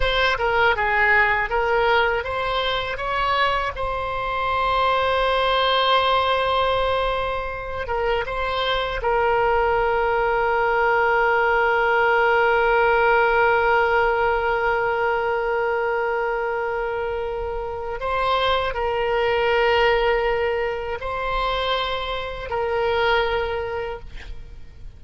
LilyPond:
\new Staff \with { instrumentName = "oboe" } { \time 4/4 \tempo 4 = 80 c''8 ais'8 gis'4 ais'4 c''4 | cis''4 c''2.~ | c''2~ c''8 ais'8 c''4 | ais'1~ |
ais'1~ | ais'1 | c''4 ais'2. | c''2 ais'2 | }